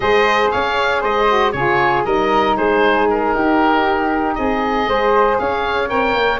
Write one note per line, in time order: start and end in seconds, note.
0.00 0.49 G#3
0.00 1.26 G#4
0.00 0.52 C5
0.00 0.50 D#5
0.51 1.03 C#4
0.51 1.01 C#5
0.51 1.02 F5
1.01 1.54 G#3
1.01 1.52 C5
1.01 1.52 D#5
1.27 1.53 F#4
1.52 2.05 C#3
1.52 2.05 F4
1.52 2.05 G#4
1.52 2.03 C#5
2.05 2.56 G3
2.05 4.87 D#4
2.05 2.57 A#4
2.05 2.56 D#5
2.56 3.34 G#3
2.56 3.34 G#4
2.56 3.08 C5
3.09 4.35 A#4
3.34 4.37 D#4
3.34 4.37 G4
4.35 4.87 C4
4.35 4.89 G#4
4.35 5.37 D#5
4.87 5.38 G#3
4.87 5.87 G#4
4.87 5.40 C5
5.38 5.90 C#4
5.38 6.39 C#5
5.38 5.89 F5
5.87 6.14 C4
5.87 6.39 A#4
5.87 6.39 G5
6.14 6.39 A#3